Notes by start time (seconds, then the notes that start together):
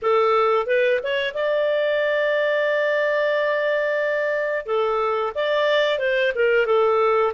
0.02 A4
0.66 B4
1.03 C#5
1.33 D5
4.66 A4
5.34 D5
5.98 C5
6.35 A#4
6.66 A4